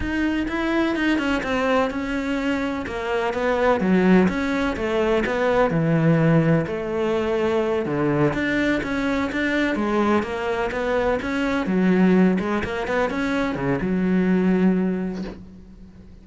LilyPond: \new Staff \with { instrumentName = "cello" } { \time 4/4 \tempo 4 = 126 dis'4 e'4 dis'8 cis'8 c'4 | cis'2 ais4 b4 | fis4 cis'4 a4 b4 | e2 a2~ |
a8 d4 d'4 cis'4 d'8~ | d'8 gis4 ais4 b4 cis'8~ | cis'8 fis4. gis8 ais8 b8 cis'8~ | cis'8 cis8 fis2. | }